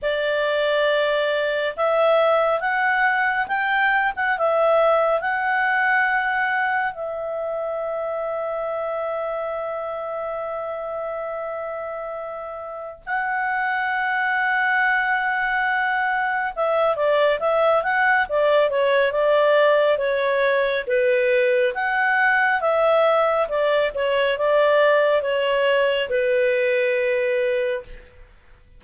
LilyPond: \new Staff \with { instrumentName = "clarinet" } { \time 4/4 \tempo 4 = 69 d''2 e''4 fis''4 | g''8. fis''16 e''4 fis''2 | e''1~ | e''2. fis''4~ |
fis''2. e''8 d''8 | e''8 fis''8 d''8 cis''8 d''4 cis''4 | b'4 fis''4 e''4 d''8 cis''8 | d''4 cis''4 b'2 | }